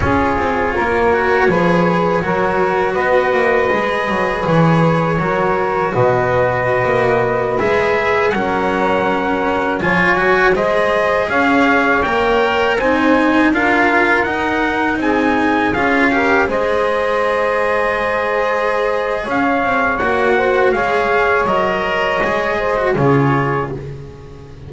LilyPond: <<
  \new Staff \with { instrumentName = "trumpet" } { \time 4/4 \tempo 4 = 81 cis''1 | dis''2 cis''2 | dis''2~ dis''16 e''4 fis''8.~ | fis''4~ fis''16 gis''4 dis''4 f''8.~ |
f''16 g''4 gis''4 f''4 fis''8.~ | fis''16 gis''4 f''4 dis''4.~ dis''16~ | dis''2 f''4 fis''4 | f''4 dis''2 cis''4 | }
  \new Staff \with { instrumentName = "saxophone" } { \time 4/4 gis'4 ais'4 b'4 ais'4 | b'2. ais'4 | b'2.~ b'16 ais'8.~ | ais'4~ ais'16 cis''4 c''4 cis''8.~ |
cis''4~ cis''16 c''4 ais'4.~ ais'16~ | ais'16 gis'4. ais'8 c''4.~ c''16~ | c''2 cis''4. c''8 | cis''2~ cis''8 c''8 gis'4 | }
  \new Staff \with { instrumentName = "cello" } { \time 4/4 f'4. fis'8 gis'4 fis'4~ | fis'4 gis'2 fis'4~ | fis'2~ fis'16 gis'4 cis'8.~ | cis'4~ cis'16 f'8 fis'8 gis'4.~ gis'16~ |
gis'16 ais'4 dis'4 f'4 dis'8.~ | dis'4~ dis'16 f'8 g'8 gis'4.~ gis'16~ | gis'2. fis'4 | gis'4 ais'4 gis'8. fis'16 f'4 | }
  \new Staff \with { instrumentName = "double bass" } { \time 4/4 cis'8 c'8 ais4 f4 fis4 | b8 ais8 gis8 fis8 e4 fis4 | b,4~ b,16 ais4 gis4 fis8.~ | fis4~ fis16 f8 fis8 gis4 cis'8.~ |
cis'16 ais4 c'4 d'4 dis'8.~ | dis'16 c'4 cis'4 gis4.~ gis16~ | gis2 cis'8 c'8 ais4 | gis4 fis4 gis4 cis4 | }
>>